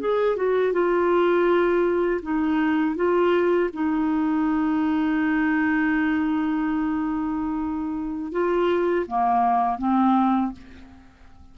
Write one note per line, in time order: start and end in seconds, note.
0.00 0.36 G#4
0.36 0.73 F#4
0.73 2.21 F4
2.22 2.96 D#4
2.96 3.70 F4
3.73 8.32 D#4
8.32 9.06 F4
9.07 9.78 A#3
9.78 10.53 C4